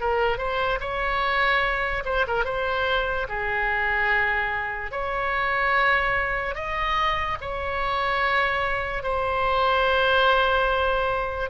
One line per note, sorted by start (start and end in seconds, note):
0.00 0.38 A#4
0.38 0.79 C5
0.80 2.03 C#5
2.05 2.25 C5
2.27 2.44 A#4
2.44 3.27 C5
3.28 4.91 G#4
4.91 6.55 C#5
6.55 7.37 D#5
7.41 9.03 C#5
9.03 11.50 C5